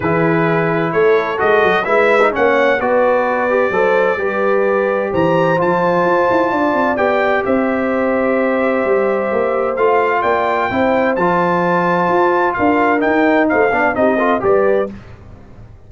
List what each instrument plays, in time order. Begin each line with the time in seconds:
0.00 tuba E3, trombone E4, horn G#4, trumpet B4
0.92 tuba A3, horn A4, trumpet C#5
1.37 tuba G#3, trombone F#4, trumpet D#5
1.63 tuba F#3
1.84 tuba G#3, trombone E4, horn B4, trumpet E5
2.21 trombone D#4
2.31 tuba A#3, trombone C#4, horn C#5, trumpet F#5
2.79 tuba B3, trombone F#4, horn B4, trumpet D5
3.49 trombone G4
3.70 tuba F#3, trombone A4, horn C5
4.17 tuba G3, trombone G4, horn B4
5.11 tuba E3, horn C5, trumpet A#5
5.57 tuba F3, trombone F4, trumpet A5
6.05 tuba F4
6.30 tuba E4
6.51 tuba D4, horn D5
6.73 tuba C4
6.96 tuba B3, trombone G4, trumpet G5
7.45 tuba C4, horn C5, trumpet E5
8.84 tuba G3
9.31 tuba A#3
9.76 tuba A3, trombone F4, trumpet F5
10.21 tuba A#3, horn D5, trumpet G5
10.70 tuba C4, trombone E4, horn C5
11.15 tuba F3, trombone F4, trumpet A5
12.08 tuba F4
12.53 tuba D4, horn A#4, trumpet F5
12.99 trombone D#4, trumpet G5
13.05 tuba D#4
13.48 tuba A3, horn C5, trumpet F5
13.71 tuba B3, trombone D4, horn D5
13.94 tuba C4, trombone D#4, horn G4, trumpet D#5
14.17 trombone F4, horn A4
14.40 tuba G3, trombone G4, horn B4, trumpet D5